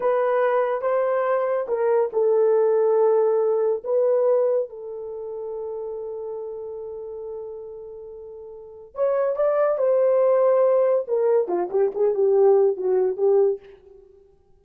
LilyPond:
\new Staff \with { instrumentName = "horn" } { \time 4/4 \tempo 4 = 141 b'2 c''2 | ais'4 a'2.~ | a'4 b'2 a'4~ | a'1~ |
a'1~ | a'4 cis''4 d''4 c''4~ | c''2 ais'4 f'8 g'8 | gis'8 g'4. fis'4 g'4 | }